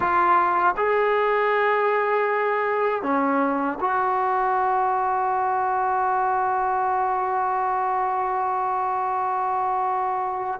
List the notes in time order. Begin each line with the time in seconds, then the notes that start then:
0.00 F4
0.76 G#4
3.02 C#4
3.80 F#4